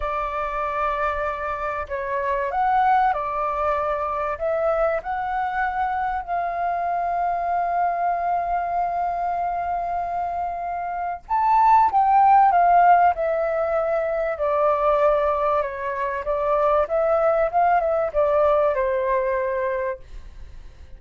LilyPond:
\new Staff \with { instrumentName = "flute" } { \time 4/4 \tempo 4 = 96 d''2. cis''4 | fis''4 d''2 e''4 | fis''2 f''2~ | f''1~ |
f''2 a''4 g''4 | f''4 e''2 d''4~ | d''4 cis''4 d''4 e''4 | f''8 e''8 d''4 c''2 | }